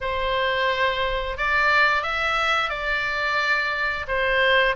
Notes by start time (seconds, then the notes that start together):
0.01 C5
1.37 D5
2.02 E5
2.69 D5
4.07 C5